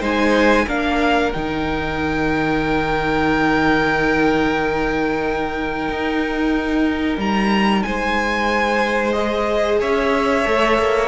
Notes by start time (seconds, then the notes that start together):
0.00 G#3 D#4 C5 G#5
0.68 A#3 D4 A#4 F5
1.32 D#3 D#4 G5
5.89 D#4
7.18 G3 A#5
7.83 G#3 C5 G#5
9.13 G#4 D#5
9.80 C#4 C#5 E5
10.45 A3 A4
10.78 A#3